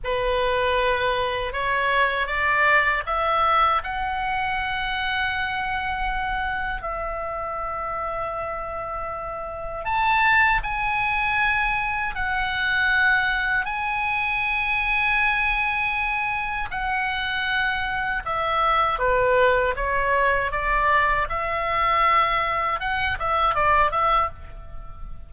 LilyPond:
\new Staff \with { instrumentName = "oboe" } { \time 4/4 \tempo 4 = 79 b'2 cis''4 d''4 | e''4 fis''2.~ | fis''4 e''2.~ | e''4 a''4 gis''2 |
fis''2 gis''2~ | gis''2 fis''2 | e''4 b'4 cis''4 d''4 | e''2 fis''8 e''8 d''8 e''8 | }